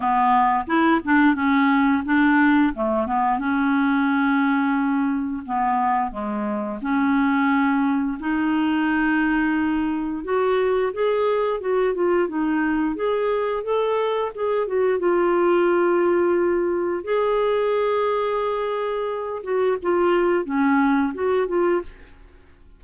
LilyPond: \new Staff \with { instrumentName = "clarinet" } { \time 4/4 \tempo 4 = 88 b4 e'8 d'8 cis'4 d'4 | a8 b8 cis'2. | b4 gis4 cis'2 | dis'2. fis'4 |
gis'4 fis'8 f'8 dis'4 gis'4 | a'4 gis'8 fis'8 f'2~ | f'4 gis'2.~ | gis'8 fis'8 f'4 cis'4 fis'8 f'8 | }